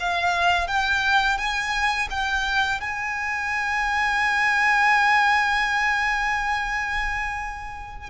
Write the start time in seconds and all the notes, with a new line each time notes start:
0.00 F5
0.67 G5
1.38 G#5
2.10 G5
2.81 G#5